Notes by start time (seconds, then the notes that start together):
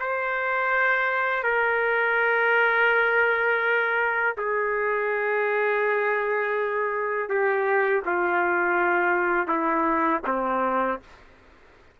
0.00 C5
1.43 A#4
4.37 G#4
7.29 G4
8.05 F4
9.48 E4
10.27 C4